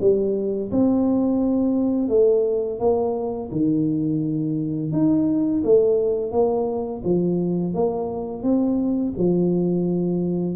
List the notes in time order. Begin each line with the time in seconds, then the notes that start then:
0.00 G3
0.71 C4
2.08 A3
2.79 A#3
3.51 D#3
4.92 D#4
5.64 A3
6.31 A#3
7.03 F3
7.73 A#3
8.42 C4
9.17 F3